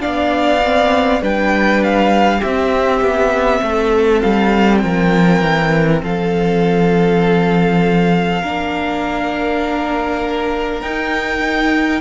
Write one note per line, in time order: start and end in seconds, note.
0.00 1.22 B3
0.00 0.60 D4
0.00 1.21 D5
0.00 1.22 F5
0.63 1.22 C4
1.22 2.42 G3
1.22 2.42 D4
1.22 2.39 B4
1.22 1.83 G5
1.83 2.43 F5
2.39 3.00 C4
2.39 3.58 G4
2.39 4.22 E5
2.46 8.43 C4
3.00 3.60 B3
3.62 4.22 A3
3.62 4.82 A4
4.22 4.83 G3
4.22 4.78 F5
4.78 5.41 F3
4.78 6.02 A#4
4.78 5.98 G5
5.41 6.01 E3
6.02 8.43 F3
6.02 8.42 A4
6.02 10.81 F5
8.42 10.81 A#3
8.42 10.83 D4
8.42 12.01 A#4
10.81 12.01 D#4
10.81 12.01 G5